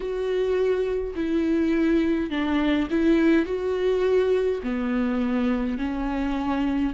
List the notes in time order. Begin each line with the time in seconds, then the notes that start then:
0.00 F#4
1.15 E4
2.30 D4
2.90 E4
3.45 F#4
4.63 B3
5.77 C#4